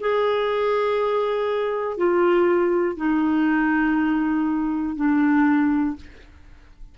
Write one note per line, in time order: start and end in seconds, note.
0.00 1.97 G#4
1.97 2.97 F4
2.97 4.96 D#4
4.96 5.96 D4